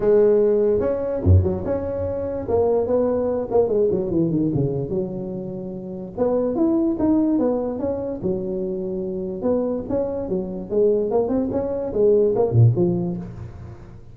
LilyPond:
\new Staff \with { instrumentName = "tuba" } { \time 4/4 \tempo 4 = 146 gis2 cis'4 fis,8 fis8 | cis'2 ais4 b4~ | b8 ais8 gis8 fis8 e8 dis8 cis4 | fis2. b4 |
e'4 dis'4 b4 cis'4 | fis2. b4 | cis'4 fis4 gis4 ais8 c'8 | cis'4 gis4 ais8 ais,8 f4 | }